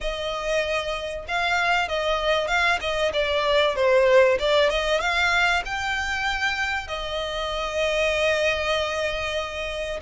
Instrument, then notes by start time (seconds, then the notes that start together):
violin
0.00 D#5
1.28 F5
1.88 D#5
2.47 F5
2.80 D#5
3.13 D5
3.75 C5
4.39 D5
4.69 D#5
5.00 F5
5.65 G5
6.87 D#5